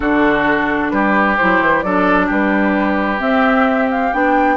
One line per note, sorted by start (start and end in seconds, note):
0.00 0.91 D3
0.00 1.38 D4
0.00 0.92 F#4
0.00 0.90 A4
0.90 1.37 G3
0.90 1.84 G4
0.90 1.35 B4
1.36 1.60 F#3
1.36 1.85 E4
1.36 1.81 C5
1.60 1.83 E3
1.81 2.29 F#3
1.81 3.18 D4
1.81 2.26 A4
1.81 2.27 D5
2.26 3.20 G3
2.26 4.55 G4
2.26 3.20 B4
3.18 4.09 C4
3.18 4.12 C4
3.18 3.89 E5
3.90 4.13 F5
4.13 4.56 B3
4.13 4.56 D4
4.13 4.56 G5